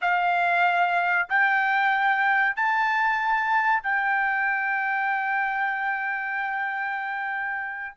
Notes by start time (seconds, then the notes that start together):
0.01 F5
1.29 G5
2.56 A5
3.82 G5